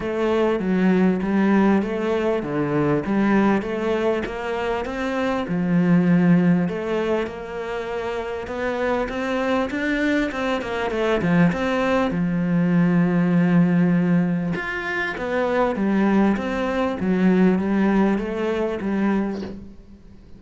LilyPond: \new Staff \with { instrumentName = "cello" } { \time 4/4 \tempo 4 = 99 a4 fis4 g4 a4 | d4 g4 a4 ais4 | c'4 f2 a4 | ais2 b4 c'4 |
d'4 c'8 ais8 a8 f8 c'4 | f1 | f'4 b4 g4 c'4 | fis4 g4 a4 g4 | }